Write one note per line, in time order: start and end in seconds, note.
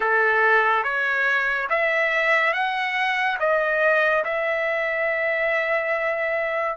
0.00 0.83 A4
0.83 1.67 C#5
1.69 2.53 E5
2.53 3.37 F#5
3.39 4.24 D#5
4.24 6.76 E5